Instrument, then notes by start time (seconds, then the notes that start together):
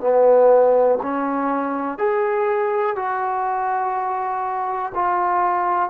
trombone
0.00 B3
1.02 C#4
1.98 G#4
2.96 F#4
4.94 F4